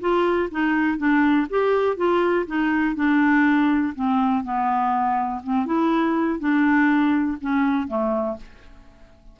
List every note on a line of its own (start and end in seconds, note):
0.00 0.49 F4
0.51 0.97 D#4
0.97 1.47 D4
1.49 1.96 G4
1.96 2.45 F4
2.46 2.95 D#4
2.95 3.93 D4
3.95 4.43 C4
4.43 5.42 B3
5.43 5.66 C4
5.66 6.39 E4
6.39 7.37 D4
7.41 7.87 C#4
7.87 8.37 A3